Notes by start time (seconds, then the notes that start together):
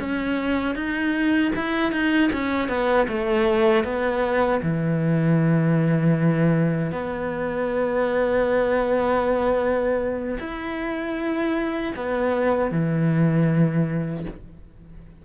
0.00 C#4
0.76 D#4
1.56 E4
1.92 D#4
2.33 C#4
2.69 B3
3.09 A3
3.85 B3
4.63 E3
6.92 B3
10.40 E4
11.96 B3
12.72 E3